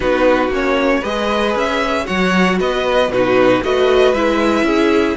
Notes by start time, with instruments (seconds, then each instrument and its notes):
0.00 cello B3, viola D#4, violin F#4 B4
0.48 cello A#3, viola C#4
0.54 violin C#5
1.00 cello G#3, viola G#4, violin B4 D#5
1.55 cello C#4, violin E5
2.04 cello F#3, viola F#4, violin C#5 F#5
2.60 cello B3, violin B4 D#5
3.08 cello B2, viola D#4, violin F#4 B4
3.63 cello A3, viola F#4, violin B4 D#5
4.13 cello G#3, viola E4, violin E5
4.62 cello C#4, violin G#4